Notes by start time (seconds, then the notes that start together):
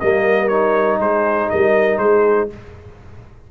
0.00 G3 A#3 A#4 D#5
0.48 D#4 C#5
0.99 G#3 G#4 C5
1.50 G3 A#4 D#5
1.98 G#3 G#4 C5